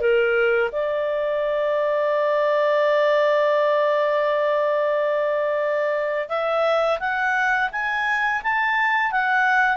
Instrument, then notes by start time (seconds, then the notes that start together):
clarinet
0.00 A#4
0.72 D5
6.29 E5
7.00 F#5
7.72 G#5
8.43 A5
9.11 F#5